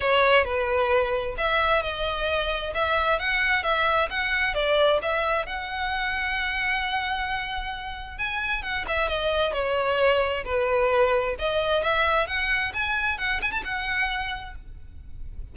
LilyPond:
\new Staff \with { instrumentName = "violin" } { \time 4/4 \tempo 4 = 132 cis''4 b'2 e''4 | dis''2 e''4 fis''4 | e''4 fis''4 d''4 e''4 | fis''1~ |
fis''2 gis''4 fis''8 e''8 | dis''4 cis''2 b'4~ | b'4 dis''4 e''4 fis''4 | gis''4 fis''8 gis''16 a''16 fis''2 | }